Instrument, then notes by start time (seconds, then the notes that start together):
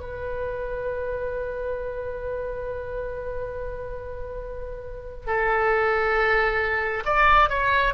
oboe
0.00 B4
5.27 A4
7.05 D5
7.50 C#5